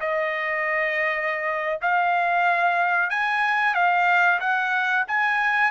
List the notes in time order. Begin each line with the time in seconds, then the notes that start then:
0.00 D#5
1.81 F5
3.10 G#5
3.74 F5
4.40 F#5
5.08 G#5